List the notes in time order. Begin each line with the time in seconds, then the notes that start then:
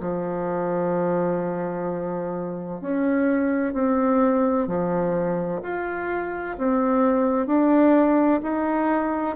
0.00 F3
2.81 C#4
3.74 C4
4.67 F3
5.63 F4
6.58 C4
7.47 D4
8.42 D#4